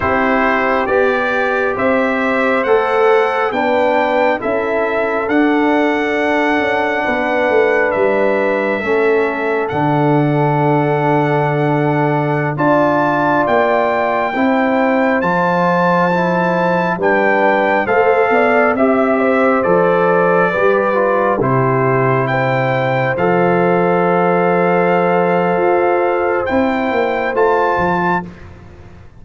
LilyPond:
<<
  \new Staff \with { instrumentName = "trumpet" } { \time 4/4 \tempo 4 = 68 c''4 d''4 e''4 fis''4 | g''4 e''4 fis''2~ | fis''4 e''2 fis''4~ | fis''2~ fis''16 a''4 g''8.~ |
g''4~ g''16 a''2 g''8.~ | g''16 f''4 e''4 d''4.~ d''16~ | d''16 c''4 g''4 f''4.~ f''16~ | f''2 g''4 a''4 | }
  \new Staff \with { instrumentName = "horn" } { \time 4/4 g'2 c''2 | b'4 a'2. | b'2 a'2~ | a'2~ a'16 d''4.~ d''16~ |
d''16 c''2. b'8.~ | b'16 c''8 d''8 e''8 c''4. b'8.~ | b'16 g'4 c''2~ c''8.~ | c''1 | }
  \new Staff \with { instrumentName = "trombone" } { \time 4/4 e'4 g'2 a'4 | d'4 e'4 d'2~ | d'2 cis'4 d'4~ | d'2~ d'16 f'4.~ f'16~ |
f'16 e'4 f'4 e'4 d'8.~ | d'16 a'4 g'4 a'4 g'8 f'16~ | f'16 e'2 a'4.~ a'16~ | a'2 e'4 f'4 | }
  \new Staff \with { instrumentName = "tuba" } { \time 4/4 c'4 b4 c'4 a4 | b4 cis'4 d'4. cis'8 | b8 a8 g4 a4 d4~ | d2~ d16 d'4 ais8.~ |
ais16 c'4 f2 g8.~ | g16 a8 b8 c'4 f4 g8.~ | g16 c2 f4.~ f16~ | f4 f'4 c'8 ais8 a8 f8 | }
>>